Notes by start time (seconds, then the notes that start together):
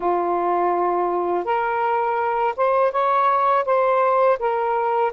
0.00 F4
1.44 A#4
2.56 C5
2.91 C#5
3.65 C5
4.39 A#4